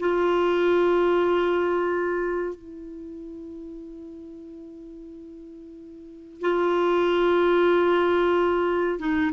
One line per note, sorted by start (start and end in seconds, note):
0.00 2.55 F4
2.55 6.42 E4
6.42 8.99 F4
8.99 9.32 D#4